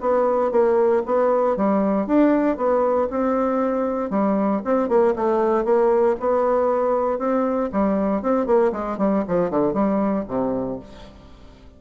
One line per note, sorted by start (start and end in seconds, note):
0.00 0.51 B3
0.51 1.02 A#3
1.05 1.56 B3
1.56 2.06 G3
2.06 2.56 D4
2.56 3.08 B3
3.10 4.10 C4
4.10 4.61 G3
4.64 4.88 C4
4.88 5.14 A#3
5.16 5.64 A3
5.64 6.15 A#3
6.20 7.18 B3
7.18 7.69 C4
7.72 8.22 G3
8.22 8.46 C4
8.46 8.72 A#3
8.72 8.97 G#3
8.98 9.23 G3
9.27 9.50 F3
9.50 9.73 D3
9.73 10.24 G3
10.28 10.79 C3